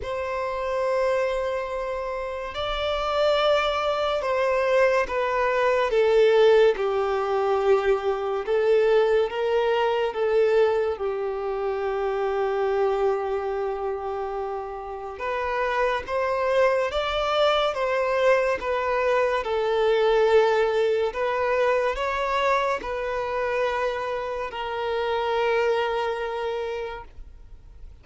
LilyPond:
\new Staff \with { instrumentName = "violin" } { \time 4/4 \tempo 4 = 71 c''2. d''4~ | d''4 c''4 b'4 a'4 | g'2 a'4 ais'4 | a'4 g'2.~ |
g'2 b'4 c''4 | d''4 c''4 b'4 a'4~ | a'4 b'4 cis''4 b'4~ | b'4 ais'2. | }